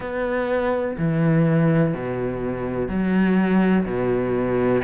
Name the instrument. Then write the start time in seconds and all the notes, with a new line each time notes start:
cello
0.00 B3
0.98 E3
1.94 B2
2.88 F#3
3.85 B2